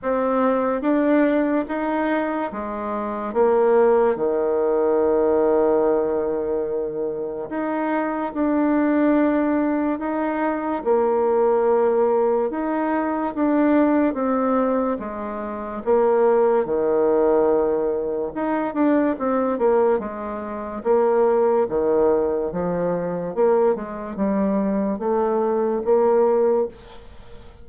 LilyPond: \new Staff \with { instrumentName = "bassoon" } { \time 4/4 \tempo 4 = 72 c'4 d'4 dis'4 gis4 | ais4 dis2.~ | dis4 dis'4 d'2 | dis'4 ais2 dis'4 |
d'4 c'4 gis4 ais4 | dis2 dis'8 d'8 c'8 ais8 | gis4 ais4 dis4 f4 | ais8 gis8 g4 a4 ais4 | }